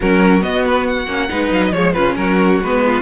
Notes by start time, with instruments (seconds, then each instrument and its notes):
0.00 cello F#3, viola C#4, violin F#4 A#4
0.40 viola B3, cello B3, violin D#5
0.66 violin B4
0.87 violin F#5
1.07 cello A#3, viola C#4
1.29 cello G#3, viola D#4, violin B4
1.52 cello F#3, violin F5
1.65 violin D#5
1.72 cello F3, viola G#3, violin C#5
1.92 cello C#3, viola C#4, violin F4 B4
2.16 cello F#3, violin F#4 A#4
2.62 cello G#3, viola B3, violin B4
2.86 violin F4